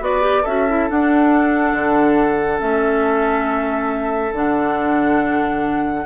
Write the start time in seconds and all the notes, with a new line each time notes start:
0.00 B3 F#4 B4 D5
0.21 G4
0.43 C#4 F#4 A4 E5
0.69 E4
0.89 D4 F#5
1.73 D3
2.58 A3 C#4 E5
4.32 D3 D4 F#5